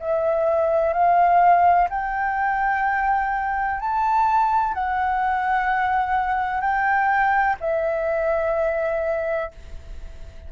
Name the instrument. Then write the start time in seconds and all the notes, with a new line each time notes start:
flute
0.00 E5
0.93 F5
1.90 G5
3.81 A5
4.74 F#5
6.61 G5
7.61 E5